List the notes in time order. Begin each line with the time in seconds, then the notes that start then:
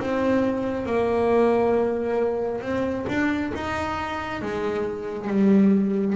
0.00 C4
0.86 A#3
2.62 C4
3.08 D4
3.55 D#4
4.42 G#3
5.28 G3